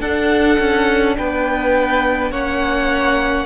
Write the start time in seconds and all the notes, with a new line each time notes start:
0.00 D4 A4 F#5
0.59 C#4
1.17 B3 B4 G5
2.31 A#3 C#4 C#5 F#5